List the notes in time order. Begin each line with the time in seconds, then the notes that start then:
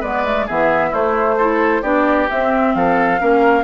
0.00 G#3 B3 B4 D5
0.25 A3
0.46 E3 B3 G#4 E5
0.89 A3 E4 C5
1.38 E4 A4
1.82 B3 D4 G4 D5
2.29 C4 E5
2.74 F3 A4 F5
3.19 A#3 C#4 A#4